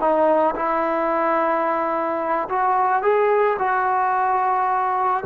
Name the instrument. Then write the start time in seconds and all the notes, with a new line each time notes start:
trombone
0.00 D#4
0.56 E4
2.49 F#4
3.03 G#4
3.59 F#4